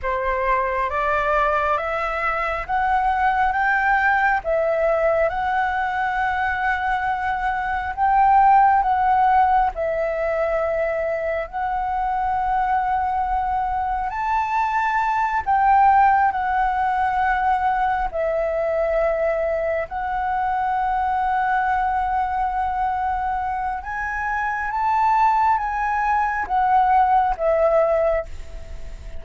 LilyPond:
\new Staff \with { instrumentName = "flute" } { \time 4/4 \tempo 4 = 68 c''4 d''4 e''4 fis''4 | g''4 e''4 fis''2~ | fis''4 g''4 fis''4 e''4~ | e''4 fis''2. |
a''4. g''4 fis''4.~ | fis''8 e''2 fis''4.~ | fis''2. gis''4 | a''4 gis''4 fis''4 e''4 | }